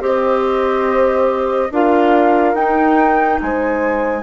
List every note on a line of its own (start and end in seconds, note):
0.00 1.69 C4
0.00 1.69 G4
0.00 1.72 C5
0.00 1.73 D#5
1.71 2.54 D4
1.71 2.55 F4
1.71 3.41 A#4
1.71 2.54 F5
2.54 3.38 D#4
2.54 4.22 D#4
2.54 3.39 G5
3.41 4.22 G#3
3.41 4.22 C5
3.41 4.22 G#5